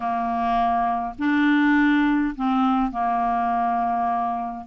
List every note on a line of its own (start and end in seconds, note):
0.00 1.14 A#3
1.18 2.34 D4
2.35 2.91 C4
2.91 4.66 A#3